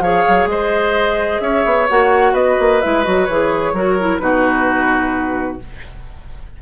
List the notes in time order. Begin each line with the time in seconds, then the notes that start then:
0.00 F3 G#4 C#5 F5
0.28 F#3
0.47 G#3 C5 D#5
1.40 C#4 C#5 E5
1.65 B3
1.89 A#3 F#4 F#5
2.33 B3 B4 D#5
2.59 A#3
2.81 G#3 E4 E5
3.03 F#3 F#4 D#5
3.25 E3 G#4 C#5
3.73 F#3 F#4 A#4
4.00 E4
4.18 B2 D#4 F#4 B4